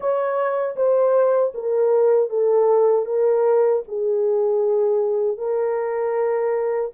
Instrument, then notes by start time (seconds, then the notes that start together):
horn
0.00 C#5
0.76 C5
1.54 A#4
2.29 A4
3.05 A#4
3.88 G#4
5.37 A#4